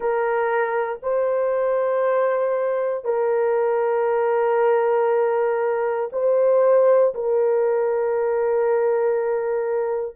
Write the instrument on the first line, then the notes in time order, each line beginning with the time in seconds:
horn
0.00 A#4
1.02 C5
3.04 A#4
6.12 C5
7.14 A#4